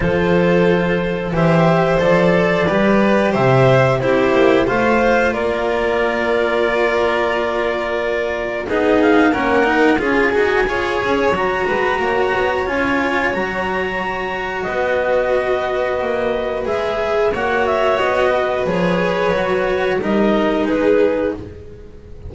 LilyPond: <<
  \new Staff \with { instrumentName = "clarinet" } { \time 4/4 \tempo 4 = 90 c''2 e''4 d''4~ | d''4 e''4 c''4 f''4 | d''1~ | d''4 dis''8 f''8 fis''4 gis''4~ |
gis''4 ais''2 gis''4 | ais''2 dis''2~ | dis''4 e''4 fis''8 e''8 dis''4 | cis''2 dis''4 b'4 | }
  \new Staff \with { instrumentName = "violin" } { \time 4/4 a'2 c''2 | b'4 c''4 g'4 c''4 | ais'1~ | ais'4 gis'4 ais'4 gis'4 |
cis''4. b'8 cis''2~ | cis''2 b'2~ | b'2 cis''4. b'8~ | b'2 ais'4 gis'4 | }
  \new Staff \with { instrumentName = "cello" } { \time 4/4 f'2 g'4 a'4 | g'2 e'4 f'4~ | f'1~ | f'4 dis'4 cis'8 dis'8 f'8 fis'8 |
gis'4 fis'2 f'4 | fis'1~ | fis'4 gis'4 fis'2 | gis'4 fis'4 dis'2 | }
  \new Staff \with { instrumentName = "double bass" } { \time 4/4 f2 e4 f4 | g4 c4 c'8 ais8 a4 | ais1~ | ais4 b4 ais4 cis'8 dis'8 |
f'8 cis'8 fis8 gis8 ais8 b8 cis'4 | fis2 b2 | ais4 gis4 ais4 b4 | f4 fis4 g4 gis4 | }
>>